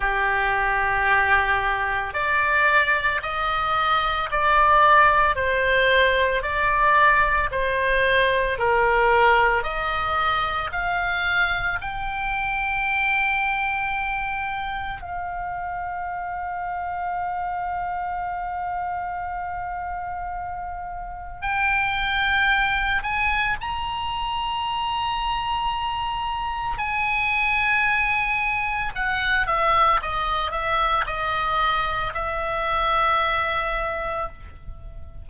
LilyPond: \new Staff \with { instrumentName = "oboe" } { \time 4/4 \tempo 4 = 56 g'2 d''4 dis''4 | d''4 c''4 d''4 c''4 | ais'4 dis''4 f''4 g''4~ | g''2 f''2~ |
f''1 | g''4. gis''8 ais''2~ | ais''4 gis''2 fis''8 e''8 | dis''8 e''8 dis''4 e''2 | }